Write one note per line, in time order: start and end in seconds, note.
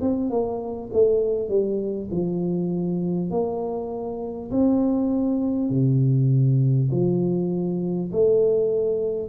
0.00 0.30 C4
0.30 0.90 A#3
0.92 1.48 A3
1.48 2.08 G3
2.11 3.30 F3
3.30 4.50 A#3
4.51 5.69 C4
5.69 6.89 C3
6.91 8.11 F3
8.12 9.28 A3